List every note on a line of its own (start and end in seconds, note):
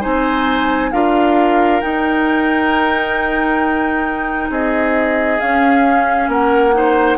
0.00 0.92 C4
0.00 0.91 D#4
0.00 0.90 C5
0.00 0.91 G#5
0.91 1.82 D4
0.91 1.81 F4
0.91 4.50 A#4
0.91 1.81 F5
1.81 5.39 D#4
1.81 4.49 D#4
1.81 4.49 G5
4.49 5.39 C4
4.49 6.29 G#4
4.49 5.39 D#5
5.39 6.73 C#4
5.39 6.27 C#4
5.39 6.29 F5
6.27 7.17 A#3
6.27 6.74 A#4
6.27 7.17 F#5
6.73 7.17 D#4
6.73 7.17 C5